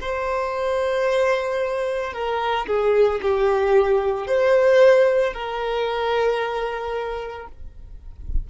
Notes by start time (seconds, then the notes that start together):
0.00 C5
2.12 A#4
2.66 G#4
3.21 G4
4.27 C5
5.33 A#4